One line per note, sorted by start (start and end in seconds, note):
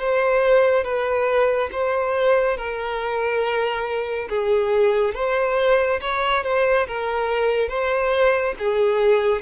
0.00 0.84 C5
0.84 1.70 B4
1.72 2.57 C5
2.57 4.29 A#4
4.29 5.15 G#4
5.15 6.00 C5
6.01 6.44 C#5
6.44 6.87 C5
6.87 7.69 A#4
7.69 8.55 C5
8.59 9.42 G#4